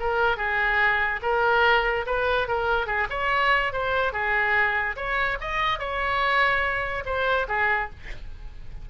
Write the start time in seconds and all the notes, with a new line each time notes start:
0.00 A#4
0.37 G#4
1.22 A#4
2.07 B4
2.48 A#4
2.87 G#4
3.10 C#5
3.73 C5
4.13 G#4
4.97 C#5
5.41 D#5
5.79 C#5
7.06 C5
7.48 G#4